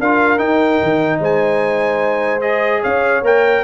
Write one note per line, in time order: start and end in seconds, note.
0.00 0.40 D4
0.00 0.38 F4
0.00 1.20 A#4
0.00 0.39 F5
0.38 2.41 D#4
0.38 0.80 D#4
0.38 1.20 G5
0.83 1.20 D#3
1.20 2.82 G#3
1.20 2.82 C5
1.20 2.41 G#5
2.41 3.23 G#4
2.41 2.81 D#5
2.82 3.23 C#4
2.82 3.63 C#5
2.82 3.24 F5
3.23 3.63 A#3
3.23 3.64 A#4
3.23 3.64 G5